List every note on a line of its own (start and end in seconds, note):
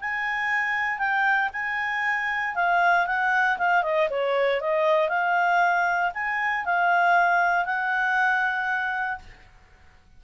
0.00 0.98 G#5
0.98 1.49 G5
1.53 2.55 G#5
2.55 3.06 F5
3.06 3.57 F#5
3.58 3.83 F5
3.83 4.08 D#5
4.10 4.61 C#5
4.61 5.08 D#5
5.08 6.11 F5
6.14 6.65 G#5
6.65 7.65 F5
7.65 9.19 F#5